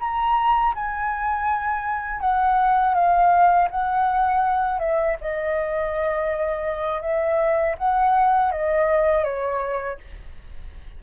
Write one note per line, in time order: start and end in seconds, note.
0.00 0.74 A#5
0.75 2.20 G#5
2.20 2.94 F#5
2.94 3.68 F5
3.70 4.79 F#5
4.79 5.16 E5
5.21 7.02 D#5
7.02 7.76 E5
7.78 8.52 F#5
8.52 9.24 D#5
9.24 9.98 C#5